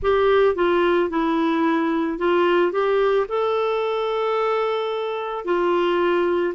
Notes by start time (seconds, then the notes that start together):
0.02 G4
0.55 F4
1.09 E4
2.18 F4
2.72 G4
3.28 A4
5.44 F4